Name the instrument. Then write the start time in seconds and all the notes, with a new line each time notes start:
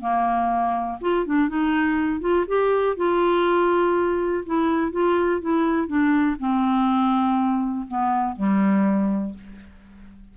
clarinet
0.00 A#3
1.01 F4
1.26 D4
1.48 D#4
2.20 F4
2.47 G4
2.96 F4
4.46 E4
4.92 F4
5.41 E4
5.87 D4
6.39 C4
7.88 B3
8.35 G3